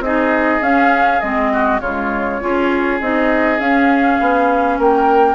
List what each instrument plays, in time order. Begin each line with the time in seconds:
0.00 bassoon C4, clarinet D#4, oboe G#4, flute D#5
0.62 bassoon C#4, clarinet C#4, flute F5
1.21 bassoon G#3, clarinet C4, flute D#5
1.53 oboe F#4
1.81 bassoon C#3, clarinet G#3, oboe F4, flute C#5
2.41 bassoon C#4, clarinet F4, oboe G#4
3.01 bassoon C4, clarinet D#4, flute D#5
3.60 bassoon C#4, clarinet C#4, flute F5
4.21 bassoon B3
4.79 bassoon A#3, oboe A#4, flute G5